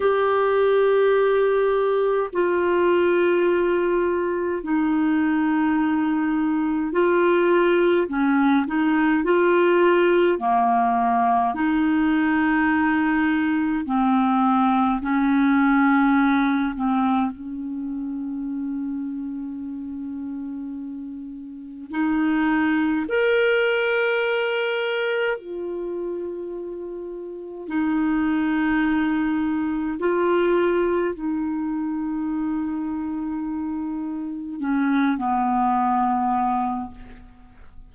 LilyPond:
\new Staff \with { instrumentName = "clarinet" } { \time 4/4 \tempo 4 = 52 g'2 f'2 | dis'2 f'4 cis'8 dis'8 | f'4 ais4 dis'2 | c'4 cis'4. c'8 cis'4~ |
cis'2. dis'4 | ais'2 f'2 | dis'2 f'4 dis'4~ | dis'2 cis'8 b4. | }